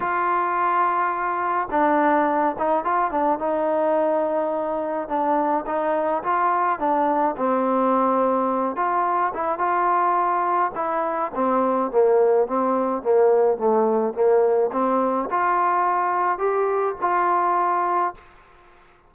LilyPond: \new Staff \with { instrumentName = "trombone" } { \time 4/4 \tempo 4 = 106 f'2. d'4~ | d'8 dis'8 f'8 d'8 dis'2~ | dis'4 d'4 dis'4 f'4 | d'4 c'2~ c'8 f'8~ |
f'8 e'8 f'2 e'4 | c'4 ais4 c'4 ais4 | a4 ais4 c'4 f'4~ | f'4 g'4 f'2 | }